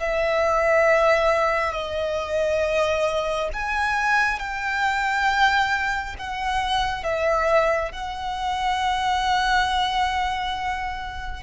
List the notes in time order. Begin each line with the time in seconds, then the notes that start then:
0.00 E5
1.72 D#5
3.53 G#5
4.39 G5
6.19 F#5
7.03 E5
7.92 F#5